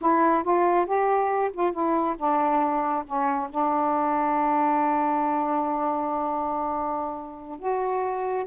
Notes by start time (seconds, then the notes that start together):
0.01 E4
0.43 F4
0.86 G4
1.53 F4
1.72 E4
2.17 D4
3.06 C#4
3.50 D4
7.59 F#4